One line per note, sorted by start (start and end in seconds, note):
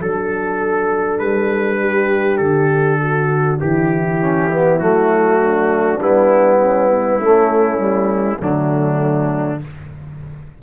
0.00 1.20 F#3
0.00 4.21 D4
0.00 1.80 A4
0.00 1.19 A4
1.19 2.39 G3
1.19 2.37 B4
1.80 3.00 G4
2.37 3.59 D3
2.37 3.57 A4
3.00 3.60 F#4
3.60 4.80 E3
3.60 5.41 E4
3.60 4.78 G4
4.21 4.50 C#4
4.51 4.79 B3
4.78 5.99 F#3
4.78 5.99 A3
4.78 5.98 F#4
5.41 6.59 D4
5.99 7.19 G3
5.99 7.21 B3
5.99 8.41 E4
6.59 6.89 C#4
6.91 7.18 B3
7.18 8.38 A3
7.18 7.78 A3
7.18 8.38 C#4
7.78 8.38 G3
8.38 9.61 D3
8.38 9.59 F#3
8.38 9.59 A3
8.38 9.62 D4